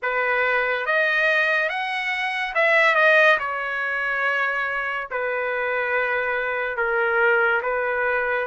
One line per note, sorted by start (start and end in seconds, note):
0.02 0.86 B4
0.86 1.69 D#5
1.69 2.54 F#5
2.54 2.95 E5
2.95 3.37 D#5
3.39 5.08 C#5
5.10 6.76 B4
6.76 7.61 A#4
7.62 8.47 B4